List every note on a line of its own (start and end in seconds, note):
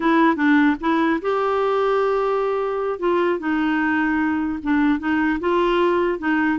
0.00 0.35 E4
0.35 0.75 D4
0.80 1.20 E4
1.21 2.99 G4
2.99 3.39 F4
3.39 4.59 D#4
4.62 4.99 D4
4.99 5.39 D#4
5.40 6.18 F4
6.18 6.58 D#4